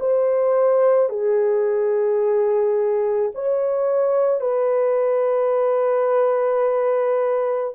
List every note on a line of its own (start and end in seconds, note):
0.00 1.09 C5
1.09 3.31 G#4
3.35 4.41 C#5
4.41 7.74 B4